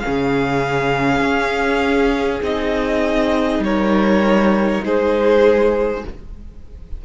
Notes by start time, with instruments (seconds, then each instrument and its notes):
0.00 viola C#4, violin G#4 F5
0.07 cello C#3
1.21 cello C#4
2.42 cello C4, viola D#4, violin D#5
3.59 cello G3, violin A#4 C#5
4.84 cello G#3, violin G#4 C5